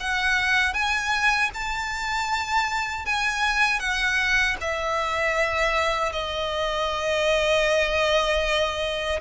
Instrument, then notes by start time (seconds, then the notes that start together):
violin
0.00 F#5
0.74 G#5
1.54 A5
3.06 G#5
3.80 F#5
4.61 E5
6.13 D#5